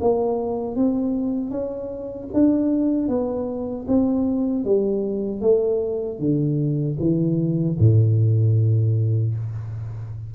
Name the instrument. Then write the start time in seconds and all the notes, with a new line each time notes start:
tuba
0.00 A#3
0.75 C4
1.50 C#4
2.33 D4
3.08 B3
3.87 C4
4.64 G3
5.41 A3
6.19 D3
6.99 E3
7.79 A2